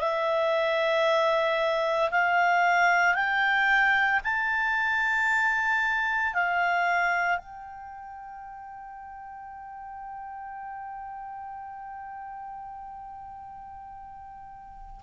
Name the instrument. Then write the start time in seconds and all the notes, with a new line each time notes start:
clarinet
0.00 E5
2.11 F5
3.15 G5
4.24 A5
6.34 F5
7.38 G5